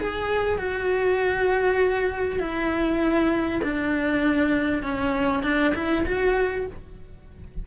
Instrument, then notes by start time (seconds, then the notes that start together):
cello
0.00 G#4
0.59 F#4
2.40 E4
3.64 D4
4.83 C#4
5.44 D4
5.75 E4
6.06 F#4